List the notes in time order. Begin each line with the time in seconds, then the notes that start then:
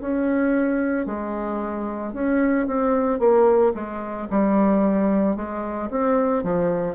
0.00 C#4
1.06 G#3
2.13 C#4
2.66 C4
3.19 A#3
3.74 G#3
4.30 G3
5.36 G#3
5.90 C4
6.43 F3